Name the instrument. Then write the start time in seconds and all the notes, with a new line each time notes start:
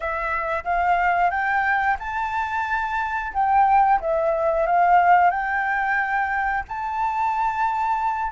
flute
0.00 E5
0.64 F5
1.30 G5
1.99 A5
3.33 G5
4.00 E5
4.66 F5
5.30 G5
6.68 A5